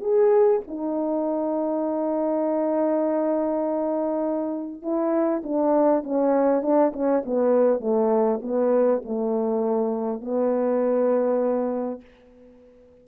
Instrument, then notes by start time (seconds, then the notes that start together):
horn
0.00 G#4
0.67 D#4
4.82 E4
5.43 D4
6.03 C#4
6.62 D4
6.93 C#4
7.25 B3
7.80 A3
8.42 B3
9.05 A3
10.21 B3